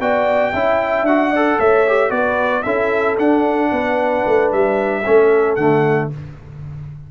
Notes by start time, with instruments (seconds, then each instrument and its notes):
0.00 tuba B3, trombone F#4, horn D5, trumpet G5
0.53 tuba C#4, trombone E4, horn E5
1.03 tuba D4, trombone F#4, trumpet F#5
1.31 trombone A4, horn D5
1.58 tuba A3, horn C#5, trumpet E5
1.87 trombone G4
2.10 tuba B3, trombone F#4, horn B4, trumpet D5
2.63 tuba C#4, trombone E4, horn A4, trumpet E5
3.18 tuba D4, trombone D4, trumpet F#5
3.72 tuba B3, horn B4
4.26 tuba A3
4.52 tuba G3, trumpet E5
5.03 tuba A3, trombone C#4, horn A4
5.56 tuba D3, trombone A3, trumpet F#5